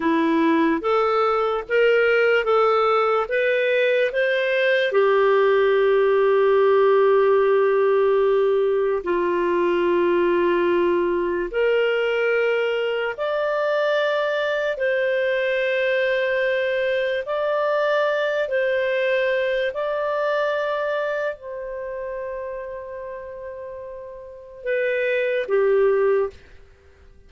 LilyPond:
\new Staff \with { instrumentName = "clarinet" } { \time 4/4 \tempo 4 = 73 e'4 a'4 ais'4 a'4 | b'4 c''4 g'2~ | g'2. f'4~ | f'2 ais'2 |
d''2 c''2~ | c''4 d''4. c''4. | d''2 c''2~ | c''2 b'4 g'4 | }